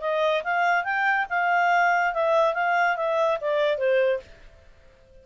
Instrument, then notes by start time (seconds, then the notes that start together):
clarinet
0.00 D#5
0.43 F5
0.84 G5
1.29 F5
2.13 E5
2.54 F5
2.96 E5
3.40 D5
3.77 C5